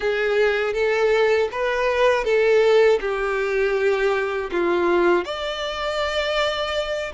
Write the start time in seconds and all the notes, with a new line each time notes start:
0.00 G#4
0.73 A4
1.51 B4
2.24 A4
3.00 G4
4.51 F4
5.25 D5